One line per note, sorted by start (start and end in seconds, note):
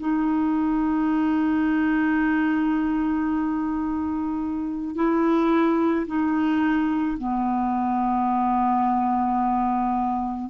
0.00 4.95 D#4
4.95 6.07 E4
6.07 7.18 D#4
7.18 10.50 B3